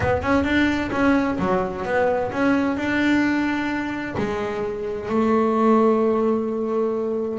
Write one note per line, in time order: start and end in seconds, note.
0.00 0.22 B3
0.22 0.44 C#4
0.44 0.90 D4
0.91 1.37 C#4
1.38 1.85 F#3
1.85 2.31 B3
2.32 2.77 C#4
2.77 4.15 D4
4.17 5.09 G#3
5.09 7.39 A3